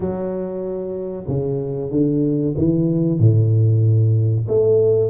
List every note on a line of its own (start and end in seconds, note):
0.00 1.26 F#3
1.27 1.91 C#3
1.91 2.55 D3
2.57 3.19 E3
3.19 4.46 A2
4.48 5.09 A3